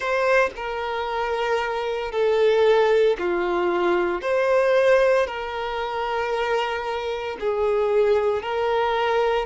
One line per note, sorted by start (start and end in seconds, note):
0.00 0.50 C5
0.56 2.11 A#4
2.11 3.16 A4
3.19 4.21 F4
4.21 5.26 C5
5.26 7.37 A#4
7.40 8.42 G#4
8.42 9.46 A#4